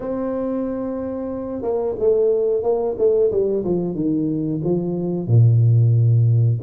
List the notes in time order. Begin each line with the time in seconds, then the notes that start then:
0.00 C4
1.62 A#3
1.98 A3
2.62 A#3
2.98 A3
3.31 G3
3.64 F3
3.94 D#3
4.63 F3
5.27 A#2